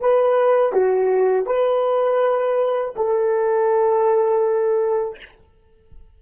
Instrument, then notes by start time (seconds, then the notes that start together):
horn
0.00 B4
0.73 F#4
1.46 B4
2.96 A4